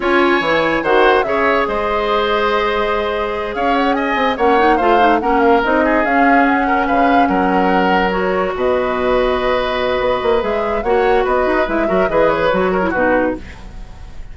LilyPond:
<<
  \new Staff \with { instrumentName = "flute" } { \time 4/4 \tempo 4 = 144 gis''2 fis''4 e''4 | dis''1~ | dis''8 f''8 fis''8 gis''4 fis''4 f''8~ | f''8 fis''8 f''8 dis''4 f''4 fis''8~ |
fis''8 f''4 fis''2 cis''8~ | cis''8 dis''2.~ dis''8~ | dis''4 e''4 fis''4 dis''4 | e''4 dis''8 cis''4. b'4 | }
  \new Staff \with { instrumentName = "oboe" } { \time 4/4 cis''2 c''4 cis''4 | c''1~ | c''8 cis''4 dis''4 cis''4 c''8~ | c''8 ais'4. gis'2 |
ais'8 b'4 ais'2~ ais'8~ | ais'8 b'2.~ b'8~ | b'2 cis''4 b'4~ | b'8 ais'8 b'4. ais'8 fis'4 | }
  \new Staff \with { instrumentName = "clarinet" } { \time 4/4 f'4 e'4 fis'4 gis'4~ | gis'1~ | gis'2~ gis'8 cis'8 dis'8 f'8 | dis'8 cis'4 dis'4 cis'4.~ |
cis'2.~ cis'8 fis'8~ | fis'1~ | fis'4 gis'4 fis'2 | e'8 fis'8 gis'4 fis'8. e'16 dis'4 | }
  \new Staff \with { instrumentName = "bassoon" } { \time 4/4 cis'4 e4 dis4 cis4 | gis1~ | gis8 cis'4. c'8 ais4 a8~ | a8 ais4 c'4 cis'4.~ |
cis'8 cis4 fis2~ fis8~ | fis8 b,2.~ b,8 | b8 ais8 gis4 ais4 b8 dis'8 | gis8 fis8 e4 fis4 b,4 | }
>>